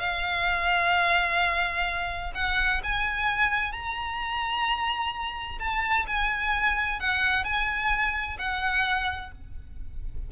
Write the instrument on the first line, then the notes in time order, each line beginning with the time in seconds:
violin
0.00 F5
2.35 F#5
2.84 G#5
3.73 A#5
5.60 A5
6.07 G#5
7.00 F#5
7.44 G#5
8.39 F#5